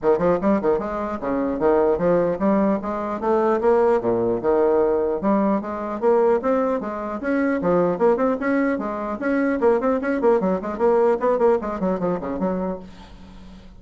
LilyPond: \new Staff \with { instrumentName = "bassoon" } { \time 4/4 \tempo 4 = 150 dis8 f8 g8 dis8 gis4 cis4 | dis4 f4 g4 gis4 | a4 ais4 ais,4 dis4~ | dis4 g4 gis4 ais4 |
c'4 gis4 cis'4 f4 | ais8 c'8 cis'4 gis4 cis'4 | ais8 c'8 cis'8 ais8 fis8 gis8 ais4 | b8 ais8 gis8 fis8 f8 cis8 fis4 | }